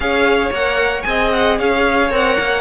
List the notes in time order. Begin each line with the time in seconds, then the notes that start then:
0.00 C#4 G#4 C#5 F5
0.51 A#3 A#4 F#5
1.02 C4 G#4 D#5 G#5
1.32 F#5
1.58 C#4 C#5 F5
2.09 C4 A#4 F#5
2.38 A#3